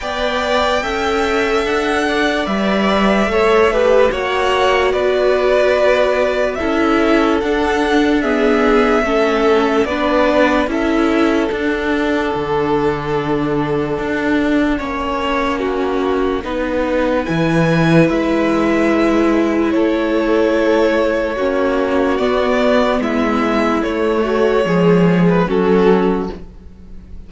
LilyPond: <<
  \new Staff \with { instrumentName = "violin" } { \time 4/4 \tempo 4 = 73 g''2 fis''4 e''4~ | e''4 fis''4 d''2 | e''4 fis''4 e''2 | d''4 e''4 fis''2~ |
fis''1~ | fis''4 gis''4 e''2 | cis''2. d''4 | e''4 cis''4.~ cis''16 b'16 a'4 | }
  \new Staff \with { instrumentName = "violin" } { \time 4/4 d''4 e''4. d''4. | cis''8 b'8 cis''4 b'2 | a'2 gis'4 a'4 | b'4 a'2.~ |
a'2 cis''4 fis'4 | b'1 | a'2 fis'2 | e'4. fis'8 gis'4 fis'4 | }
  \new Staff \with { instrumentName = "viola" } { \time 4/4 b'4 a'2 b'4 | a'8 g'8 fis'2. | e'4 d'4 b4 cis'4 | d'4 e'4 d'2~ |
d'2 cis'2 | dis'4 e'2.~ | e'2 cis'4 b4~ | b4 a4 gis4 cis'4 | }
  \new Staff \with { instrumentName = "cello" } { \time 4/4 b4 cis'4 d'4 g4 | a4 ais4 b2 | cis'4 d'2 a4 | b4 cis'4 d'4 d4~ |
d4 d'4 ais2 | b4 e4 gis2 | a2 ais4 b4 | gis4 a4 f4 fis4 | }
>>